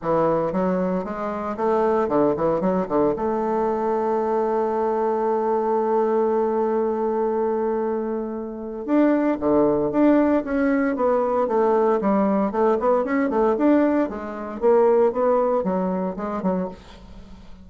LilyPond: \new Staff \with { instrumentName = "bassoon" } { \time 4/4 \tempo 4 = 115 e4 fis4 gis4 a4 | d8 e8 fis8 d8 a2~ | a1~ | a1~ |
a4 d'4 d4 d'4 | cis'4 b4 a4 g4 | a8 b8 cis'8 a8 d'4 gis4 | ais4 b4 fis4 gis8 fis8 | }